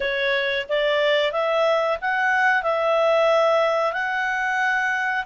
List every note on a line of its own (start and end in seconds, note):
0.00 0.66 C#5
0.69 1.32 D5
1.32 1.98 E5
2.01 2.62 F#5
2.62 3.92 E5
3.92 5.24 F#5